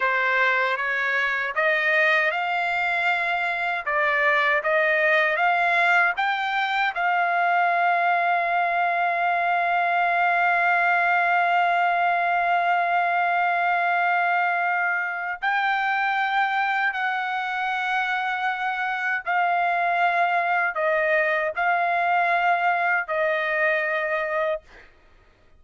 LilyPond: \new Staff \with { instrumentName = "trumpet" } { \time 4/4 \tempo 4 = 78 c''4 cis''4 dis''4 f''4~ | f''4 d''4 dis''4 f''4 | g''4 f''2.~ | f''1~ |
f''1 | g''2 fis''2~ | fis''4 f''2 dis''4 | f''2 dis''2 | }